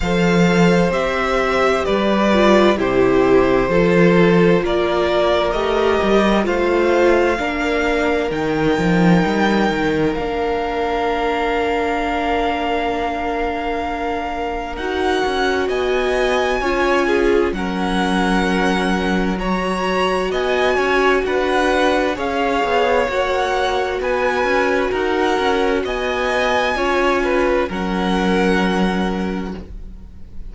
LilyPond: <<
  \new Staff \with { instrumentName = "violin" } { \time 4/4 \tempo 4 = 65 f''4 e''4 d''4 c''4~ | c''4 d''4 dis''4 f''4~ | f''4 g''2 f''4~ | f''1 |
fis''4 gis''2 fis''4~ | fis''4 ais''4 gis''4 fis''4 | f''4 fis''4 gis''4 fis''4 | gis''2 fis''2 | }
  \new Staff \with { instrumentName = "violin" } { \time 4/4 c''2 b'4 g'4 | a'4 ais'2 c''4 | ais'1~ | ais'1~ |
ais'4 dis''4 cis''8 gis'8 ais'4~ | ais'4 cis''4 dis''8 cis''8 b'4 | cis''2 b'4 ais'4 | dis''4 cis''8 b'8 ais'2 | }
  \new Staff \with { instrumentName = "viola" } { \time 4/4 a'4 g'4. f'8 e'4 | f'2 g'4 f'4 | d'4 dis'2 d'4~ | d'1 |
fis'2 f'4 cis'4~ | cis'4 fis'2. | gis'4 fis'2.~ | fis'4 f'4 cis'2 | }
  \new Staff \with { instrumentName = "cello" } { \time 4/4 f4 c'4 g4 c4 | f4 ais4 a8 g8 a4 | ais4 dis8 f8 g8 dis8 ais4~ | ais1 |
dis'8 cis'8 b4 cis'4 fis4~ | fis2 b8 cis'8 d'4 | cis'8 b8 ais4 b8 cis'8 dis'8 cis'8 | b4 cis'4 fis2 | }
>>